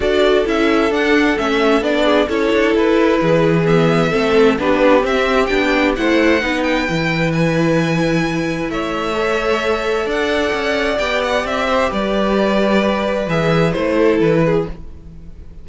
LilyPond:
<<
  \new Staff \with { instrumentName = "violin" } { \time 4/4 \tempo 4 = 131 d''4 e''4 fis''4 e''4 | d''4 cis''4 b'2 | e''2 b'4 e''4 | g''4 fis''4. g''4. |
gis''2. e''4~ | e''2 fis''2 | g''8 fis''8 e''4 d''2~ | d''4 e''4 c''4 b'4 | }
  \new Staff \with { instrumentName = "violin" } { \time 4/4 a'1~ | a'8 gis'8 a'2 gis'4~ | gis'4 a'4 g'2~ | g'4 c''4 b'2~ |
b'2. cis''4~ | cis''2 d''2~ | d''4. c''8 b'2~ | b'2~ b'8 a'4 gis'8 | }
  \new Staff \with { instrumentName = "viola" } { \time 4/4 fis'4 e'4 d'4 cis'4 | d'4 e'2. | b4 c'4 d'4 c'4 | d'4 e'4 dis'4 e'4~ |
e'1 | a'1 | g'1~ | g'4 gis'4 e'2 | }
  \new Staff \with { instrumentName = "cello" } { \time 4/4 d'4 cis'4 d'4 a4 | b4 cis'8 d'8 e'4 e4~ | e4 a4 b4 c'4 | b4 a4 b4 e4~ |
e2. a4~ | a2 d'4 cis'4 | b4 c'4 g2~ | g4 e4 a4 e4 | }
>>